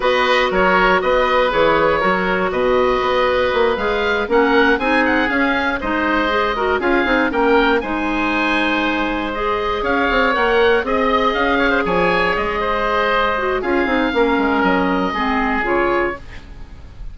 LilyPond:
<<
  \new Staff \with { instrumentName = "oboe" } { \time 4/4 \tempo 4 = 119 dis''4 cis''4 dis''4 cis''4~ | cis''4 dis''2~ dis''8 f''8~ | f''8 fis''4 gis''8 fis''8 f''4 dis''8~ | dis''4. f''4 g''4 gis''8~ |
gis''2~ gis''8 dis''4 f''8~ | f''8 fis''4 dis''4 f''4 gis''8~ | gis''8 dis''2~ dis''8 f''4~ | f''4 dis''2 cis''4 | }
  \new Staff \with { instrumentName = "oboe" } { \time 4/4 b'4 ais'4 b'2 | ais'4 b'2.~ | b'8 ais'4 gis'2 c''8~ | c''4 ais'8 gis'4 ais'4 c''8~ |
c''2.~ c''8 cis''8~ | cis''4. dis''4. cis''16 c''16 cis''8~ | cis''4 c''2 gis'4 | ais'2 gis'2 | }
  \new Staff \with { instrumentName = "clarinet" } { \time 4/4 fis'2. gis'4 | fis'2.~ fis'8 gis'8~ | gis'8 cis'4 dis'4 cis'4 dis'8~ | dis'8 gis'8 fis'8 f'8 dis'8 cis'4 dis'8~ |
dis'2~ dis'8 gis'4.~ | gis'8 ais'4 gis'2~ gis'8~ | gis'2~ gis'8 fis'8 f'8 dis'8 | cis'2 c'4 f'4 | }
  \new Staff \with { instrumentName = "bassoon" } { \time 4/4 b4 fis4 b4 e4 | fis4 b,4 b4 ais8 gis8~ | gis8 ais4 c'4 cis'4 gis8~ | gis4. cis'8 c'8 ais4 gis8~ |
gis2.~ gis8 cis'8 | c'8 ais4 c'4 cis'4 f8~ | f8 gis2~ gis8 cis'8 c'8 | ais8 gis8 fis4 gis4 cis4 | }
>>